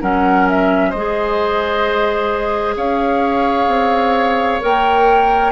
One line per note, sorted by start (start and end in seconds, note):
0.00 0.93 F#3
0.00 0.93 C#4
0.00 0.89 A#4
0.00 0.48 F#5
0.49 0.90 E5
0.89 2.76 G#3
0.89 2.74 C5
0.89 2.75 D#5
0.97 4.61 G#4
2.76 3.67 C#4
2.76 5.51 C#5
2.76 4.62 F5
3.67 4.59 C4
4.61 5.51 A#3
4.61 5.51 A#4
4.61 5.51 G5